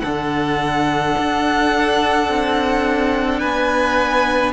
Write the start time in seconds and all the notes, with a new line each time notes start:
0.00 D3 D4 A4 F#5
1.18 D4
2.29 C4
3.39 B3 B4 G#5